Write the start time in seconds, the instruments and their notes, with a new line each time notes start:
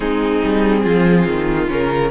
0.00 cello G#3, viola C4, violin D#4 G#4
0.44 cello G3
0.82 cello F3, violin F4
1.26 cello D#3
1.67 cello C#3, viola C#4, violin A#4